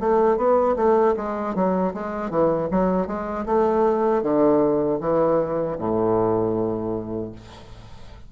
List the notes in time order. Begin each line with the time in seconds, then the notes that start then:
0.00 A3
0.37 B3
0.77 A3
1.17 G#3
1.55 F#3
1.94 G#3
2.30 E3
2.71 F#3
3.07 G#3
3.46 A3
4.23 D3
5.00 E3
5.78 A2